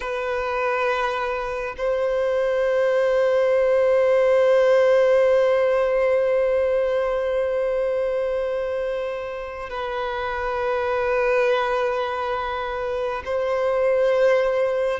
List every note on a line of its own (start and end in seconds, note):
0.00 1.75 B4
1.77 9.69 C5
9.69 13.22 B4
13.25 15.00 C5